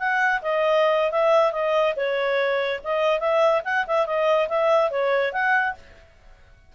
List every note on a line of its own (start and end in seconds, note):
0.00 0.42 F#5
0.42 1.12 D#5
1.12 1.53 E5
1.53 1.95 D#5
1.97 2.81 C#5
2.84 3.20 D#5
3.20 3.62 E5
3.65 3.86 F#5
3.88 4.07 E5
4.07 4.49 D#5
4.49 4.91 E5
4.91 5.33 C#5
5.33 5.75 F#5